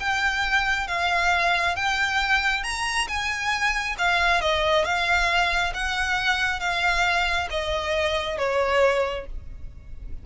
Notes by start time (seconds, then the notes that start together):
0.00 G5
0.87 F5
1.76 G5
2.64 A#5
3.08 G#5
3.98 F5
4.41 D#5
4.85 F5
5.74 F#5
6.60 F5
7.50 D#5
8.38 C#5